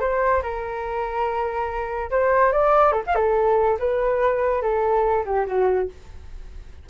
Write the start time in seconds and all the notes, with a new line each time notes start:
0.00 C5
0.42 A#4
2.10 C5
2.52 D5
2.92 A4
3.06 F5
3.15 A4
3.79 B4
4.62 A4
5.25 G4
5.46 F#4